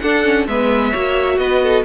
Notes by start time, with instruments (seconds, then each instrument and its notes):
0.00 viola D4, cello D4, violin A4 F#5
0.24 viola C#4
0.47 cello G#3, viola B3, violin B4 E5
0.90 cello A#3, viola F#4, violin C#5
1.38 cello B3, violin B4 D#5
1.63 violin A4